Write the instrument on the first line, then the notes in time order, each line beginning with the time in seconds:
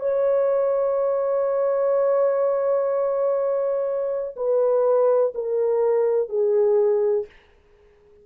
horn
0.00 C#5
4.36 B4
5.34 A#4
6.29 G#4